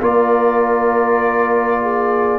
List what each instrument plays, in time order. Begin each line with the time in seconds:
0.00 tuba A#3, trombone F4, horn A#4, trumpet D5
1.82 horn G#4